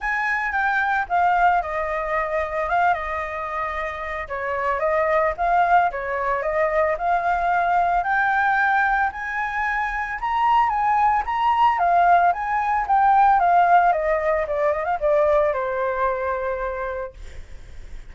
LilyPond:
\new Staff \with { instrumentName = "flute" } { \time 4/4 \tempo 4 = 112 gis''4 g''4 f''4 dis''4~ | dis''4 f''8 dis''2~ dis''8 | cis''4 dis''4 f''4 cis''4 | dis''4 f''2 g''4~ |
g''4 gis''2 ais''4 | gis''4 ais''4 f''4 gis''4 | g''4 f''4 dis''4 d''8 dis''16 f''16 | d''4 c''2. | }